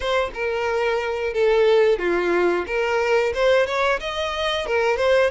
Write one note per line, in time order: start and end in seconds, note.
0.00 0.31 C5
0.33 1.33 A#4
1.33 1.98 A4
1.98 2.65 F4
2.66 3.33 A#4
3.34 3.66 C5
3.66 3.99 C#5
4.00 4.66 D#5
4.66 4.97 A#4
4.97 5.30 C5